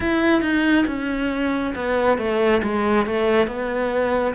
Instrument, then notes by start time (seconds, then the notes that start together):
cello
0.00 E4
0.41 D#4
0.87 C#4
1.75 B3
2.17 A3
2.62 G#3
3.06 A3
3.47 B3